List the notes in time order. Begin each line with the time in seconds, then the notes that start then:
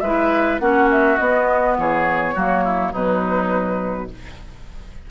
0.00 G#3 E4 B4 E5
0.59 A#3 C#4 F#4 F#5
0.91 E5
1.17 B3 D#5
1.77 E3 G#4 C#5
2.34 F#3 A#3 F#4
2.64 E4
2.92 B2 F#3 D#4 B4